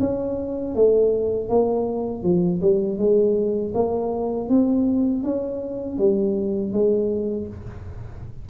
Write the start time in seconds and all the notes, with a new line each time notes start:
0.00 C#4
0.75 A3
1.49 A#3
2.23 F3
2.62 G3
2.98 G#3
3.75 A#3
4.49 C4
5.24 C#4
5.99 G3
6.73 G#3